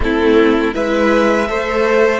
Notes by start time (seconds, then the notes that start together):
0.00 A3 C4 E4 A4
0.72 G#3 E4 B4 E5
1.48 A3 A4 C5